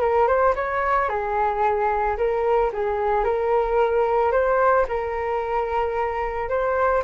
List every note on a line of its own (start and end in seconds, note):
0.00 0.27 A#4
0.27 0.54 C5
0.55 1.09 C#5
1.09 2.17 G#4
2.17 2.71 A#4
2.72 3.24 G#4
3.24 4.31 A#4
4.31 4.85 C5
4.88 6.48 A#4
6.48 7.02 C5